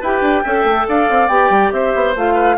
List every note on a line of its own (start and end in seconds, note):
0.00 0.21 E4
0.00 0.45 G4
0.00 0.43 B4
0.00 0.88 G5
0.21 0.42 D4
0.44 0.63 C#4
0.44 1.30 A4
0.44 0.86 E5
0.63 0.85 A3
0.88 1.09 D4
0.88 1.73 D5
0.88 1.28 F5
1.09 1.28 C4
1.28 1.49 B3
1.28 2.15 G4
1.28 1.70 G5
1.49 1.71 G3
1.72 1.93 C4
1.72 2.34 C5
1.72 2.14 E5
1.95 2.15 B3
2.15 2.58 A3
2.15 2.58 F4
2.15 2.58 F5
2.34 2.55 B4